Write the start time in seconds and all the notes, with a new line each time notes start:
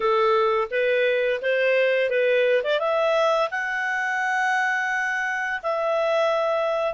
0.00 A4
0.70 B4
1.42 C5
2.10 B4
2.63 D5
2.79 E5
3.51 F#5
5.63 E5